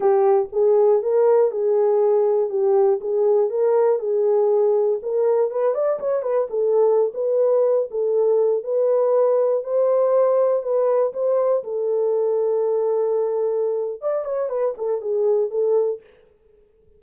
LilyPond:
\new Staff \with { instrumentName = "horn" } { \time 4/4 \tempo 4 = 120 g'4 gis'4 ais'4 gis'4~ | gis'4 g'4 gis'4 ais'4 | gis'2 ais'4 b'8 d''8 | cis''8 b'8 a'4~ a'16 b'4. a'16~ |
a'4~ a'16 b'2 c''8.~ | c''4~ c''16 b'4 c''4 a'8.~ | a'1 | d''8 cis''8 b'8 a'8 gis'4 a'4 | }